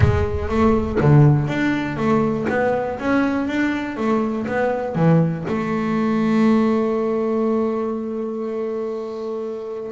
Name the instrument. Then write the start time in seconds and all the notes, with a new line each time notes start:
double bass
0.00 G#3
0.48 A3
1.00 D3
1.47 D4
1.96 A3
2.49 B3
2.99 C#4
3.47 D4
3.96 A3
4.47 B3
4.95 E3
5.47 A3